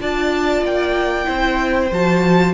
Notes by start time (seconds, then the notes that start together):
0.00 D4 F4 D5 A5
0.62 A#3 G5
1.25 C4 E4 C5
1.91 F3 F#4 A5